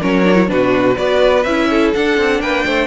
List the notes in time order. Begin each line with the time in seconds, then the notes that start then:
0.00 F#3 C#4 A#4 C#5
0.24 D4
0.35 E4
0.47 B2 D4 F#4 B4
0.95 B3 F#4 B4 D5
1.43 C#4 E4 E5
1.71 A4
1.95 D4 F#5
2.18 C4
2.41 A#3 B4 G5
2.65 A3 C5